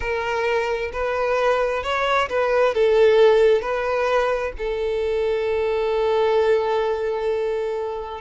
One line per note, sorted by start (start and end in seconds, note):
0.00 0.91 A#4
0.92 1.83 B4
1.83 2.28 C#5
2.29 2.74 B4
2.74 3.61 A4
3.61 4.52 B4
4.58 8.20 A4